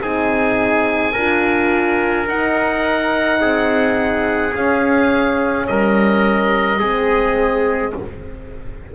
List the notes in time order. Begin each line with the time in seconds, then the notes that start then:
0.00 C4 D#4 G#4 G#5
1.12 D4 F4 A#4
2.28 D#4 F#5
3.40 C4 G#4
4.54 C#4 F5
5.67 G3 A#4 D#5
6.79 G#3 C4 G#4